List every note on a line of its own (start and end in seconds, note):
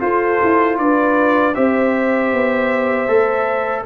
0.00 1.54 F4
0.00 0.40 F4
0.00 0.80 A4
0.00 0.78 C5
0.44 0.79 E4
0.78 1.56 D4
0.78 1.55 B4
0.78 1.55 D5
1.55 2.33 C4
1.55 3.08 G4
1.55 3.86 C5
1.55 3.86 E5
2.33 3.08 B3
3.08 3.85 A3
3.08 3.85 A4